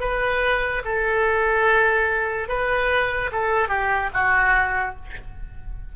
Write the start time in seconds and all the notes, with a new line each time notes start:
0.00 B4
0.84 A4
2.48 B4
3.32 A4
3.68 G4
4.13 F#4